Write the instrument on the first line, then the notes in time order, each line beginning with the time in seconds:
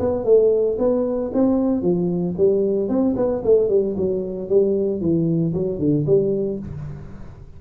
tuba
0.00 B3
0.25 A3
0.79 B3
1.34 C4
1.83 F3
2.38 G3
2.89 C4
3.16 B3
3.45 A3
3.69 G3
3.97 F#3
4.49 G3
5.01 E3
5.55 F#3
5.79 D3
6.07 G3